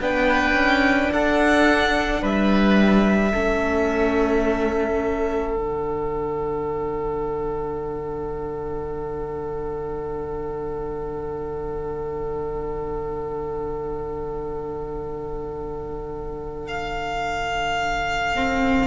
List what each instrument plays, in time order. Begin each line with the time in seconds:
0.00 cello B3, viola D4, oboe B4, violin G5
0.54 cello C#4
1.13 cello D4, oboe A4, violin F#5
2.22 cello G3, oboe B4, violin E5
3.32 cello A3, viola C#4, oboe A4
5.56 cello D3, viola D4, violin F#5
16.68 violin F5
18.36 viola C4